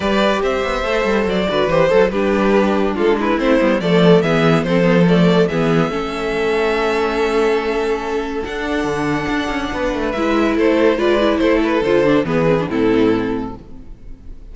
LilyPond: <<
  \new Staff \with { instrumentName = "violin" } { \time 4/4 \tempo 4 = 142 d''4 e''2 d''4 | c''4 b'2 a'8 b'8 | c''4 d''4 e''4 c''4 | d''4 e''2.~ |
e''1 | fis''1 | e''4 c''4 d''4 c''8 b'8 | c''4 b'4 a'2 | }
  \new Staff \with { instrumentName = "violin" } { \time 4/4 b'4 c''2~ c''8 b'8~ | b'8 a'8 g'2 f'8 e'8~ | e'4 a'4 gis'4 a'4~ | a'4 gis'4 a'2~ |
a'1~ | a'2. b'4~ | b'4 a'4 b'4 a'4~ | a'4 gis'4 e'2 | }
  \new Staff \with { instrumentName = "viola" } { \time 4/4 g'2 a'4. fis'8 | g'8 a'8 d'2. | c'8 b8 a4 b4 c'8 b8 | a4 b4 cis'2~ |
cis'1 | d'1 | e'2 f'8 e'4. | f'8 d'8 b8 c'16 d'16 c'2 | }
  \new Staff \with { instrumentName = "cello" } { \time 4/4 g4 c'8 b8 a8 g8 fis8 d8 | e8 fis8 g2 gis4 | a8 g8 f4 e4 f4~ | f4 e4 a2~ |
a1 | d'4 d4 d'8 cis'8 b8 a8 | gis4 a4 gis4 a4 | d4 e4 a,2 | }
>>